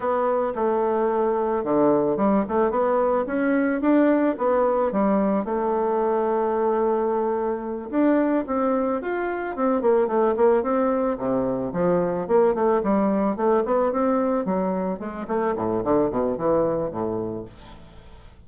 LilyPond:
\new Staff \with { instrumentName = "bassoon" } { \time 4/4 \tempo 4 = 110 b4 a2 d4 | g8 a8 b4 cis'4 d'4 | b4 g4 a2~ | a2~ a8 d'4 c'8~ |
c'8 f'4 c'8 ais8 a8 ais8 c'8~ | c'8 c4 f4 ais8 a8 g8~ | g8 a8 b8 c'4 fis4 gis8 | a8 a,8 d8 b,8 e4 a,4 | }